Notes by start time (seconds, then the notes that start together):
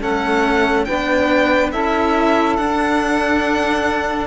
0.00 A3 C#4 A4 F#5
0.84 B3 D4 B4 G5
1.72 C#4 E4 A4 E5
2.56 D4 F#5